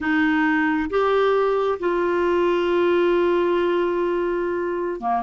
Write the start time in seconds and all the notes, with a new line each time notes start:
0.00 D#4
0.89 G4
1.79 F4
5.00 A#3